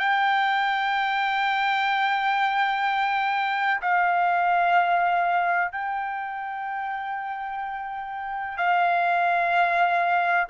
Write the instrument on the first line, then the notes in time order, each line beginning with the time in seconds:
trumpet
0.00 G5
3.81 F5
5.72 G5
8.58 F5